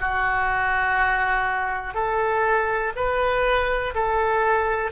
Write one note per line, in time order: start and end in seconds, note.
0.00 1.94 F#4
1.94 2.92 A4
2.96 3.94 B4
3.94 4.91 A4